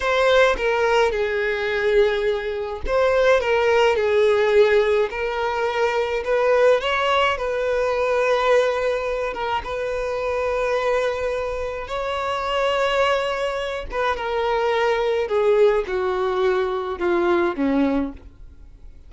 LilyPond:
\new Staff \with { instrumentName = "violin" } { \time 4/4 \tempo 4 = 106 c''4 ais'4 gis'2~ | gis'4 c''4 ais'4 gis'4~ | gis'4 ais'2 b'4 | cis''4 b'2.~ |
b'8 ais'8 b'2.~ | b'4 cis''2.~ | cis''8 b'8 ais'2 gis'4 | fis'2 f'4 cis'4 | }